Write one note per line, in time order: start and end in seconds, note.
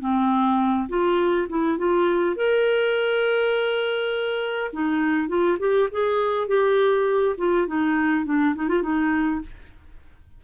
0.00 0.88 C4
0.89 1.48 F4
1.49 1.78 E4
1.78 2.36 F4
2.36 4.71 A#4
4.73 5.28 D#4
5.28 5.58 F4
5.59 5.89 G4
5.91 6.48 G#4
6.48 7.36 G4
7.38 7.67 F4
7.67 8.25 D#4
8.25 8.55 D4
8.55 8.68 D#4
8.68 8.82 F4
8.82 9.41 D#4